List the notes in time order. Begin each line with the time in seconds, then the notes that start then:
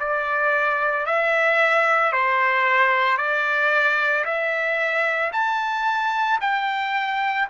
0.00 D5
1.06 E5
2.12 C5
3.18 D5
4.25 E5
5.32 A5
6.41 G5